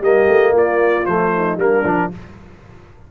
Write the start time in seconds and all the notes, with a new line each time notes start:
0.00 G3 A#3 G4 D#5
0.28 A3
0.52 A#3 F4 D5
1.05 F3 A3 C5
1.35 D#4
1.57 G3 A#3 D4 A#4
1.84 F3 D4